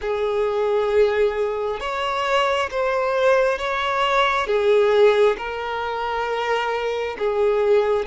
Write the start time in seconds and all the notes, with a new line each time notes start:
0.01 G#4
1.80 C#5
2.70 C5
3.58 C#5
4.46 G#4
5.37 A#4
7.18 G#4